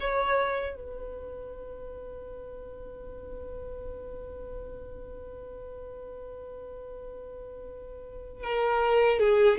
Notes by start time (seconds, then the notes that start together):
0.00 C#5
0.76 B4
8.44 A#4
9.20 G#4